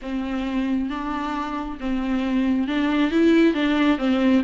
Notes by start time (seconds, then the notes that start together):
0.02 C4
0.89 D4
1.79 C4
2.67 D4
3.11 E4
3.54 D4
3.98 C4